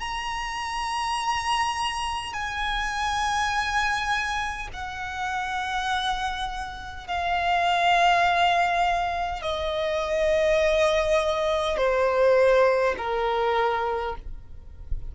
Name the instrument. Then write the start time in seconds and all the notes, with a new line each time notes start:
violin
0.00 A#5
2.33 G#5
4.73 F#5
7.07 F5
9.42 D#5
11.77 C5
12.97 A#4